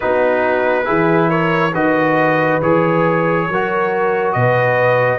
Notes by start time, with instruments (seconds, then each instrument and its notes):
0.00 tuba B3, trombone D#4, horn F#4, trumpet B4
0.84 tuba E3, trombone E4, horn G#4
1.29 horn A#4, trumpet C#5
1.73 tuba D#3, trombone F#4, horn B4, trumpet D#5
2.61 tuba E3, trombone G#4, trumpet C#5
3.48 tuba F#3, trombone F#4, horn A#4
4.32 tuba B2, horn B4, trumpet D#5